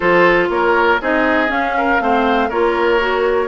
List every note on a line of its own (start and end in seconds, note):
0.00 0.49 F3
0.00 0.99 F4
0.00 0.48 A4
0.00 0.47 C5
0.49 0.99 A#3
0.49 1.01 A#4
0.49 1.00 C#5
1.00 1.49 C4
1.00 1.47 D#4
1.00 1.76 G#4
1.00 1.50 D#5
1.47 1.97 C#4
1.47 1.99 C#4
1.47 2.50 F5
1.77 2.02 A#4
1.99 2.49 A3
1.99 2.50 C4
1.99 2.49 C5
2.49 3.47 A#3
2.49 2.99 F4
2.49 3.47 A#4
2.49 3.47 C#5
2.99 3.47 F#4